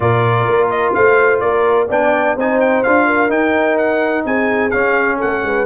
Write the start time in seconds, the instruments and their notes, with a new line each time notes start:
0.00 tuba A#2, trombone F4, horn A#4, trumpet D5
0.48 tuba A#3
0.70 trumpet D#5
0.94 tuba A3, horn C5, trumpet F5
1.40 tuba A#3, horn A#4, trumpet D5
1.87 tuba B3, trombone D4, horn D5, trumpet G5
2.35 tuba C4, trombone D#4, horn C5, trumpet G#5
2.59 trumpet G5
2.83 tuba D4, trombone F4, trumpet F5
3.06 horn A#4
3.28 tuba D#4, trombone D#4, trumpet G5
3.77 trumpet F#5
4.24 tuba C4, horn G#4, trumpet G#5
4.70 tuba C#4, trombone C#4, trumpet F5
5.16 horn A4, trumpet F#5
5.23 tuba A3
5.42 tuba G#3, horn B4